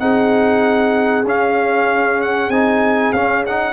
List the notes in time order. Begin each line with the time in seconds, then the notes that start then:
0.00 C4 D#4 G#4 F#5
1.25 C#4 F5
2.22 F#5
2.49 C4 D#4 G#5
3.13 C#4 F5
3.47 D#4 F#5